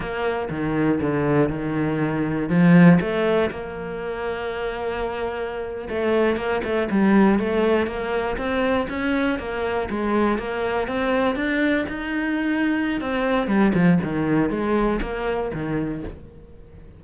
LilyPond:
\new Staff \with { instrumentName = "cello" } { \time 4/4 \tempo 4 = 120 ais4 dis4 d4 dis4~ | dis4 f4 a4 ais4~ | ais2.~ ais8. a16~ | a8. ais8 a8 g4 a4 ais16~ |
ais8. c'4 cis'4 ais4 gis16~ | gis8. ais4 c'4 d'4 dis'16~ | dis'2 c'4 g8 f8 | dis4 gis4 ais4 dis4 | }